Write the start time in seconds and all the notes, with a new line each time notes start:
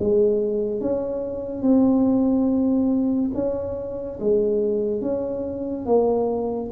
0.00 G#3
0.81 C#4
1.62 C4
3.35 C#4
4.21 G#3
5.02 C#4
5.86 A#3